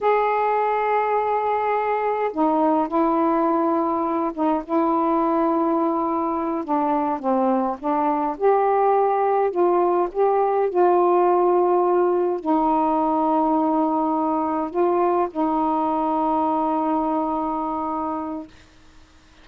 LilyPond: \new Staff \with { instrumentName = "saxophone" } { \time 4/4 \tempo 4 = 104 gis'1 | dis'4 e'2~ e'8 dis'8 | e'2.~ e'8 d'8~ | d'8 c'4 d'4 g'4.~ |
g'8 f'4 g'4 f'4.~ | f'4. dis'2~ dis'8~ | dis'4. f'4 dis'4.~ | dis'1 | }